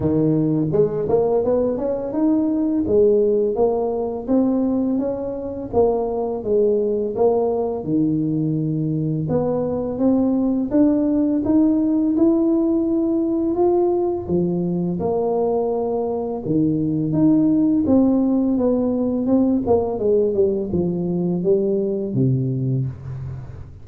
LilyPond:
\new Staff \with { instrumentName = "tuba" } { \time 4/4 \tempo 4 = 84 dis4 gis8 ais8 b8 cis'8 dis'4 | gis4 ais4 c'4 cis'4 | ais4 gis4 ais4 dis4~ | dis4 b4 c'4 d'4 |
dis'4 e'2 f'4 | f4 ais2 dis4 | dis'4 c'4 b4 c'8 ais8 | gis8 g8 f4 g4 c4 | }